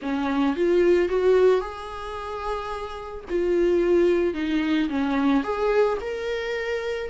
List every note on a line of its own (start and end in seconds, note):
0.02 0.56 C#4
0.56 1.08 F4
1.08 1.60 F#4
1.60 3.24 G#4
3.29 4.34 F4
4.34 4.88 D#4
4.89 5.43 C#4
5.43 5.98 G#4
6.00 7.09 A#4